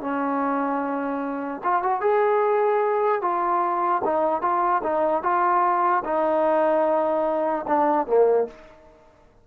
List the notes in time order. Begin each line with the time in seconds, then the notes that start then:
0.00 C#4
1.63 F4
1.82 F#4
2.00 G#4
3.21 F4
4.04 D#4
4.41 F4
4.83 D#4
5.22 F4
6.04 D#4
7.67 D4
8.06 A#3